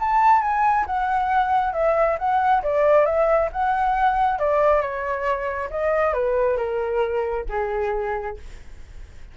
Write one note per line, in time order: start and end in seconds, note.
0.00 0.42 A5
0.42 0.86 G#5
0.86 1.73 F#5
1.73 2.17 E5
2.19 2.63 F#5
2.63 3.05 D5
3.05 3.50 E5
3.52 4.39 F#5
4.39 4.81 D5
4.81 5.70 C#5
5.70 6.13 D#5
6.13 6.57 B4
6.57 7.45 A#4
7.49 8.37 G#4